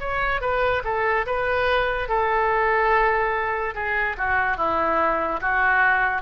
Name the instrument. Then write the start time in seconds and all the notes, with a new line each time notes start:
oboe
0.00 C#5
0.41 B4
0.84 A4
1.27 B4
2.09 A4
3.75 G#4
4.18 F#4
4.57 E4
5.41 F#4